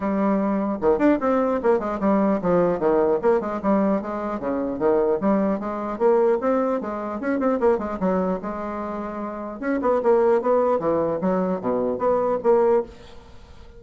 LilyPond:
\new Staff \with { instrumentName = "bassoon" } { \time 4/4 \tempo 4 = 150 g2 dis8 d'8 c'4 | ais8 gis8 g4 f4 dis4 | ais8 gis8 g4 gis4 cis4 | dis4 g4 gis4 ais4 |
c'4 gis4 cis'8 c'8 ais8 gis8 | fis4 gis2. | cis'8 b8 ais4 b4 e4 | fis4 b,4 b4 ais4 | }